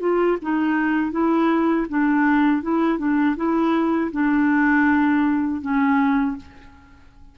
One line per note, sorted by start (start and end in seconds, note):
0.00 0.38 F4
0.42 1.11 D#4
1.11 1.86 E4
1.89 2.62 D4
2.62 2.98 E4
2.98 3.36 D4
3.36 4.11 E4
4.12 5.61 D4
5.61 6.36 C#4